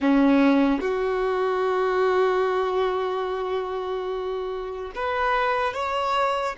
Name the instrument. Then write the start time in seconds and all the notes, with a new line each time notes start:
violin
0.00 C#4
0.80 F#4
4.95 B4
5.73 C#5